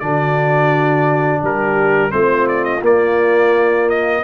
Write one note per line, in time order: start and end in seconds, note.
0.00 1.43 D3
0.00 2.11 D4
0.00 1.42 F#4
0.00 1.41 D5
1.42 2.12 G3
1.42 2.12 G4
1.42 2.12 A#4
2.11 2.82 A3
2.11 2.81 C4
2.11 4.24 F4
2.11 2.47 C5
2.48 2.65 D5
2.65 2.82 D#5
2.82 4.23 A#3
2.82 4.24 A#3
2.82 3.90 D5
3.90 4.24 D#5